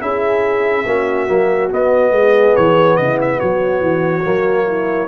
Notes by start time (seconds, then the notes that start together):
0.00 C#4 E4 G#4 E5
0.85 A#3 C#4 F#4
1.28 F#3 A#3
1.70 B3 D#5
2.11 G#3 G#4
2.56 E3 C#5
2.97 C#3 E4 D#5
3.21 E5
3.37 F#3 F#4 C#5
3.81 E3
4.24 F#3 A#3
4.67 E4